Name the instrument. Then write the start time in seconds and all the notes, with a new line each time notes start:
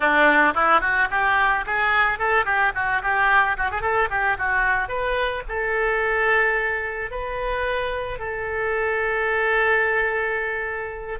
oboe
0.00 D4
0.54 E4
0.81 F#4
1.10 G4
1.66 G#4
2.18 A4
2.45 G4
2.74 F#4
3.02 G4
3.57 F#4
3.71 G#4
3.81 A4
4.10 G4
4.38 F#4
4.88 B4
5.48 A4
7.10 B4
8.18 A4